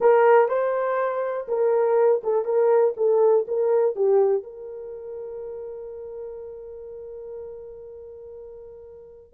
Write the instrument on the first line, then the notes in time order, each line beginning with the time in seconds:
horn
0.00 A#4
0.48 C5
1.48 A#4
2.23 A4
2.45 A#4
2.96 A4
3.47 A#4
3.95 G4
4.43 A#4